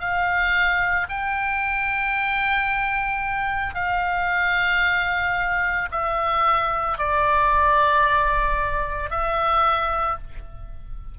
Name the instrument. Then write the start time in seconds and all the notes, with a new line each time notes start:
oboe
0.00 F5
1.09 G5
3.75 F5
5.91 E5
6.98 D5
9.10 E5